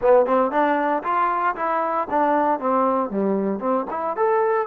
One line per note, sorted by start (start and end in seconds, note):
0.01 0.25 B3
0.25 0.51 C4
0.51 1.03 D4
1.03 1.55 F4
1.55 2.07 E4
2.09 2.59 D4
2.59 3.10 C4
3.10 3.59 G3
3.59 3.85 C4
3.90 4.16 E4
4.16 4.67 A4